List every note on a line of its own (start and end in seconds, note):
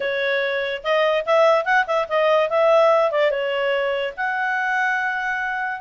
0.00 0.82 C#5
0.83 1.25 D#5
1.25 1.64 E5
1.64 1.85 F#5
1.87 2.07 E5
2.08 2.49 D#5
2.49 3.11 E5
3.11 3.30 D5
3.30 4.13 C#5
4.16 5.80 F#5